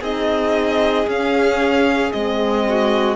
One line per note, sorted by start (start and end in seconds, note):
0.00 1.06 C4
0.00 1.05 D#4
0.00 2.63 G#4
0.00 1.09 D#5
1.05 2.11 C#4
1.05 2.12 C#4
1.05 2.12 F5
2.12 3.16 G#3
2.12 3.16 C4
2.12 3.16 D#5
2.69 3.16 F#4